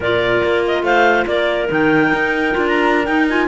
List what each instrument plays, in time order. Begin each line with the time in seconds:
0.00 cello A#2, clarinet F4 A#4 D5
0.43 cello A#3
0.67 clarinet D#5
0.82 cello A3, clarinet C5 F5
1.26 cello A#3, clarinet A#4 D5
1.68 cello D#3, clarinet D#4 G5
2.12 cello D#4
2.51 cello D4, clarinet F4
2.67 clarinet A#5
3.05 clarinet D#4 G5, cello D#4
3.29 clarinet F4 G#5